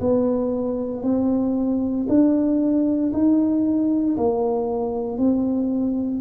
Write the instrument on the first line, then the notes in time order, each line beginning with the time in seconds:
tuba
0.00 B3
1.03 C4
2.09 D4
3.13 D#4
4.17 A#3
5.18 C4